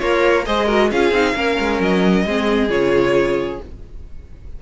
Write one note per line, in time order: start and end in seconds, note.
0.00 0.47 A#3
0.00 0.46 F4
0.00 0.47 A#4
0.00 0.45 C#5
0.46 0.92 G#3
0.46 0.68 G#4
0.46 0.66 C5
0.46 0.92 D#5
0.66 0.91 F#4
0.66 0.89 A#4
0.92 1.11 C#4
0.92 1.14 F4
0.92 1.35 G#4
0.92 1.82 F5
1.11 1.34 C4
1.11 1.36 D#4
1.35 1.58 A#3
1.35 2.26 C#4
1.35 2.26 A#4
1.60 1.80 G#3
1.80 2.25 F#3
1.80 2.71 D#5
2.25 2.70 G#3
2.25 2.70 C4
2.25 3.62 G#4
2.70 3.60 C#3
2.70 3.60 F4
2.70 3.61 C#5